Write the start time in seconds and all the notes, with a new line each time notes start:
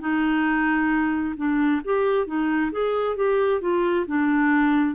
0.00 D#4
1.36 D4
1.84 G4
2.26 D#4
2.72 G#4
3.16 G4
3.61 F4
4.06 D4